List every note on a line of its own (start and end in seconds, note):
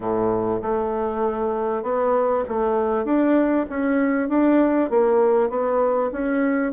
0.00 0.61 A2
0.62 1.82 A3
1.82 2.44 B3
2.48 3.04 A3
3.04 3.65 D4
3.69 4.28 C#4
4.28 4.90 D4
4.90 5.49 A#3
5.49 6.11 B3
6.12 6.72 C#4